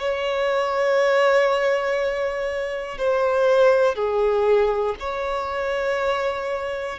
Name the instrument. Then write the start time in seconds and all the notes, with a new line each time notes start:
violin
0.00 C#5
2.98 C5
3.95 G#4
5.00 C#5